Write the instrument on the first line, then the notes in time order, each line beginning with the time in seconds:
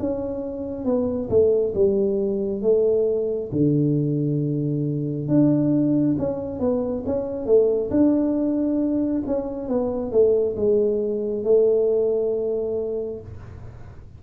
tuba
0.00 C#4
0.85 B3
1.30 A3
1.75 G3
2.63 A3
3.53 D3
5.29 D4
6.19 C#4
6.60 B3
7.06 C#4
7.46 A3
7.91 D4
9.27 C#4
9.69 B3
10.12 A3
10.56 G#3
11.44 A3